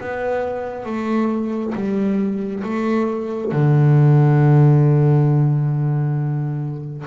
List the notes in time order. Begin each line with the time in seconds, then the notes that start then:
0.00 B3
0.85 A3
1.74 G3
2.64 A3
3.51 D3